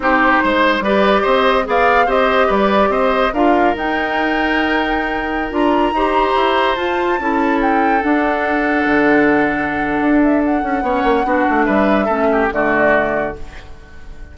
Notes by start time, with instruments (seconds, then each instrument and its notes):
0.00 bassoon C4, clarinet D#4, oboe G4, flute C5
0.43 bassoon G#3, oboe C5
0.80 bassoon G3, clarinet G4, oboe B4, flute D5
1.22 bassoon C4, oboe C5, flute D#5
1.64 bassoon B3, clarinet G#4, oboe D5, flute F5
2.06 bassoon C4, clarinet G4, oboe C5, flute D#5
2.47 bassoon G3, oboe B4, flute D5
2.88 bassoon C4, oboe C5, flute D#5
3.33 bassoon D4, clarinet F4, oboe A#4, flute F5
3.74 bassoon D#4, clarinet D#4, flute G5
5.50 bassoon D4, clarinet F4, flute A#5
5.92 bassoon D#4, clarinet G4, oboe C5
6.35 bassoon E4
6.75 bassoon F4, clarinet F4, flute A5
7.18 bassoon C#4, clarinet E4, oboe A4
7.61 flute G5
8.00 clarinet D4, bassoon D4, flute F#5
8.86 bassoon D3
10.00 bassoon D4
10.22 flute E5
10.44 flute F#5
10.63 bassoon C#4
10.82 bassoon B3, clarinet C#4, oboe C#5
11.03 bassoon A#3
11.24 bassoon B3, clarinet D4, oboe F#4
11.49 bassoon A3
11.64 bassoon G3, oboe B4, flute E5
12.05 bassoon A3, clarinet C#4, oboe A4
12.32 oboe G4
12.50 bassoon D3, clarinet A3, oboe F#4, flute D5